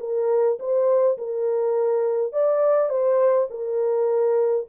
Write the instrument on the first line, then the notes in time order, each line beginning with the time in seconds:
horn
0.00 A#4
0.60 C5
1.18 A#4
2.33 D5
2.90 C5
3.51 A#4